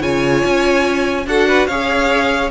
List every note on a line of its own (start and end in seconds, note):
0.00 0.43 C#3
0.00 1.24 F4
0.00 1.25 C#5
0.00 1.26 G#5
0.45 1.26 C#4
1.26 1.67 D4
1.26 1.70 F#4
1.26 1.48 A4
1.26 1.66 F#5
1.48 1.68 B4
1.66 2.51 C#4
1.66 2.51 G#4
1.66 2.50 C#5
1.66 2.49 F5